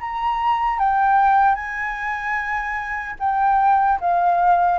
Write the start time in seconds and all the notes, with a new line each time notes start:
0.00 A#5
0.79 G5
1.55 G#5
3.19 G5
4.00 F5